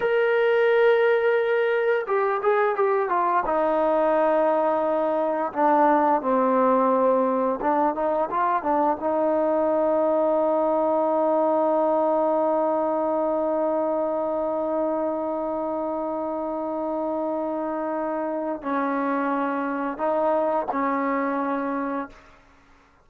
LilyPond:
\new Staff \with { instrumentName = "trombone" } { \time 4/4 \tempo 4 = 87 ais'2. g'8 gis'8 | g'8 f'8 dis'2. | d'4 c'2 d'8 dis'8 | f'8 d'8 dis'2.~ |
dis'1~ | dis'1~ | dis'2. cis'4~ | cis'4 dis'4 cis'2 | }